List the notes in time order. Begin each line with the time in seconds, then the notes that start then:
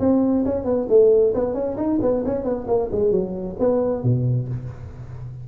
0.00 C4
0.46 C#4
0.65 B3
0.89 A3
1.35 B3
1.54 C#4
1.77 D#4
2.02 B3
2.26 C#4
2.44 B3
2.68 A#3
2.92 G#3
3.11 F#3
3.60 B3
4.03 B2